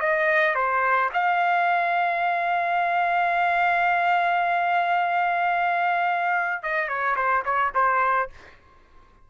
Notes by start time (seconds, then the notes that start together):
0.00 D#5
0.55 C5
1.14 F5
6.63 D#5
6.88 C#5
7.16 C5
7.45 C#5
7.75 C5